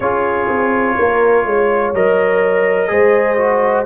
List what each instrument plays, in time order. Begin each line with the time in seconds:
0.00 tuba C#4, trombone F4, horn G#4, trumpet C#5
0.48 tuba C4
0.97 tuba A#3, horn A#4
1.45 tuba G#3, horn C#5
1.93 tuba F#3, trombone A#4, trumpet D#5
2.87 tuba G#3, trombone G#4, horn C5
3.37 trombone F#4